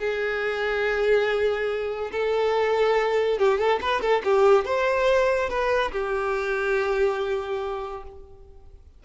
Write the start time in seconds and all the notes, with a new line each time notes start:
0.00 G#4
2.12 A4
3.39 G4
3.59 A4
3.82 B4
4.01 A4
4.25 G4
4.66 C5
5.50 B4
5.93 G4